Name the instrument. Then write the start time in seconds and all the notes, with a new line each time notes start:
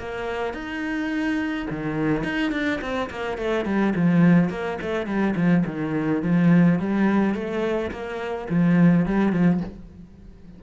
cello
0.00 A#3
0.54 D#4
1.71 D#3
2.24 D#4
2.52 D4
2.82 C4
3.10 A#3
3.38 A3
3.66 G3
3.96 F3
4.50 A#3
4.82 A3
5.07 G3
5.36 F3
5.67 D#3
6.23 F3
6.80 G3
7.35 A3
7.92 A#3
8.50 F3
9.07 G3
9.33 F3